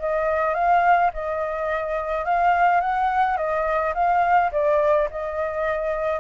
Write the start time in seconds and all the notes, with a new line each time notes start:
0.00 D#5
0.55 F5
1.14 D#5
2.25 F5
2.81 F#5
3.37 D#5
3.95 F5
4.52 D5
5.11 D#5